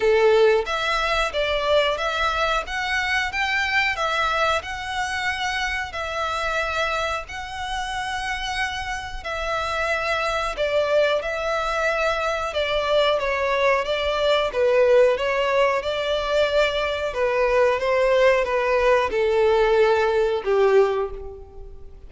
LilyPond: \new Staff \with { instrumentName = "violin" } { \time 4/4 \tempo 4 = 91 a'4 e''4 d''4 e''4 | fis''4 g''4 e''4 fis''4~ | fis''4 e''2 fis''4~ | fis''2 e''2 |
d''4 e''2 d''4 | cis''4 d''4 b'4 cis''4 | d''2 b'4 c''4 | b'4 a'2 g'4 | }